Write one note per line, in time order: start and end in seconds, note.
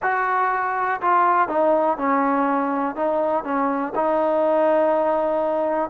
0.02 1.00 F#4
1.01 1.48 F4
1.48 1.97 D#4
1.97 2.95 C#4
2.95 3.44 D#4
3.44 3.93 C#4
3.95 5.90 D#4